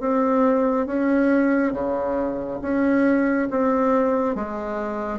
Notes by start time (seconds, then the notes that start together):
0.00 C4
0.86 C#4
1.73 C#3
2.62 C#4
3.51 C4
4.35 G#3